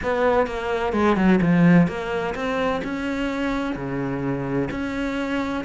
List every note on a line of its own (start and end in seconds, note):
0.03 0.46 B3
0.46 0.92 A#3
0.92 1.16 G#3
1.16 1.39 F#3
1.41 1.87 F3
1.87 2.34 A#3
2.34 2.81 C4
2.84 3.75 C#4
3.75 4.69 C#3
4.70 5.64 C#4